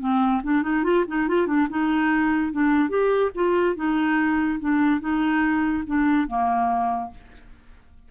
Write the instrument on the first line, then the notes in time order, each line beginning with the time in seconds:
clarinet
0.00 C4
0.43 D4
0.63 D#4
0.84 F4
1.08 D#4
1.28 F4
1.47 D4
1.70 D#4
2.52 D4
2.89 G4
3.35 F4
3.76 D#4
4.60 D4
5.00 D#4
5.86 D4
6.28 A#3